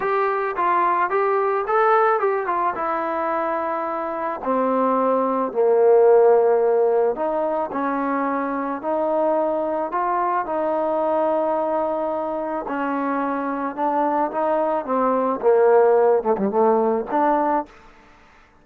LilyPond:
\new Staff \with { instrumentName = "trombone" } { \time 4/4 \tempo 4 = 109 g'4 f'4 g'4 a'4 | g'8 f'8 e'2. | c'2 ais2~ | ais4 dis'4 cis'2 |
dis'2 f'4 dis'4~ | dis'2. cis'4~ | cis'4 d'4 dis'4 c'4 | ais4. a16 g16 a4 d'4 | }